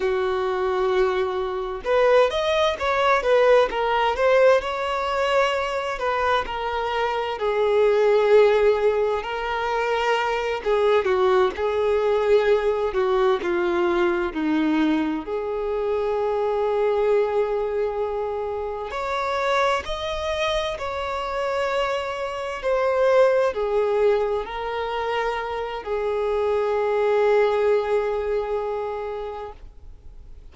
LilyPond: \new Staff \with { instrumentName = "violin" } { \time 4/4 \tempo 4 = 65 fis'2 b'8 dis''8 cis''8 b'8 | ais'8 c''8 cis''4. b'8 ais'4 | gis'2 ais'4. gis'8 | fis'8 gis'4. fis'8 f'4 dis'8~ |
dis'8 gis'2.~ gis'8~ | gis'8 cis''4 dis''4 cis''4.~ | cis''8 c''4 gis'4 ais'4. | gis'1 | }